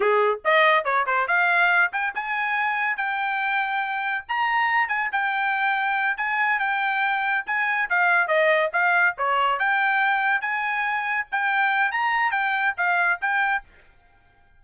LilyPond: \new Staff \with { instrumentName = "trumpet" } { \time 4/4 \tempo 4 = 141 gis'4 dis''4 cis''8 c''8 f''4~ | f''8 g''8 gis''2 g''4~ | g''2 ais''4. gis''8 | g''2~ g''8 gis''4 g''8~ |
g''4. gis''4 f''4 dis''8~ | dis''8 f''4 cis''4 g''4.~ | g''8 gis''2 g''4. | ais''4 g''4 f''4 g''4 | }